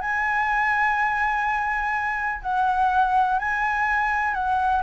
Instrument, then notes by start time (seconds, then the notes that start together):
flute
0.00 G#5
2.41 F#5
3.38 G#5
4.34 F#5